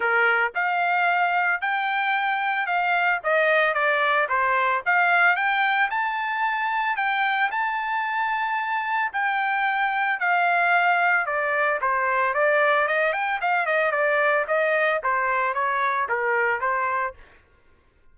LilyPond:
\new Staff \with { instrumentName = "trumpet" } { \time 4/4 \tempo 4 = 112 ais'4 f''2 g''4~ | g''4 f''4 dis''4 d''4 | c''4 f''4 g''4 a''4~ | a''4 g''4 a''2~ |
a''4 g''2 f''4~ | f''4 d''4 c''4 d''4 | dis''8 g''8 f''8 dis''8 d''4 dis''4 | c''4 cis''4 ais'4 c''4 | }